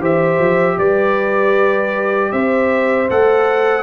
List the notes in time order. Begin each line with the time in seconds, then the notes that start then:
0.00 E3 G4 C5 E5
0.39 F3
0.78 G3 B4 D5
2.32 C4 C5 E5
3.10 A3 A4 F#5